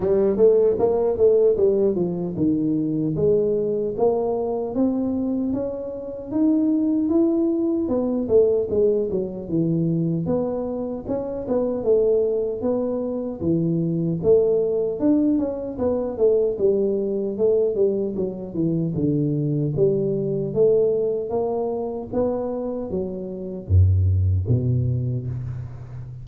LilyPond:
\new Staff \with { instrumentName = "tuba" } { \time 4/4 \tempo 4 = 76 g8 a8 ais8 a8 g8 f8 dis4 | gis4 ais4 c'4 cis'4 | dis'4 e'4 b8 a8 gis8 fis8 | e4 b4 cis'8 b8 a4 |
b4 e4 a4 d'8 cis'8 | b8 a8 g4 a8 g8 fis8 e8 | d4 g4 a4 ais4 | b4 fis4 fis,4 b,4 | }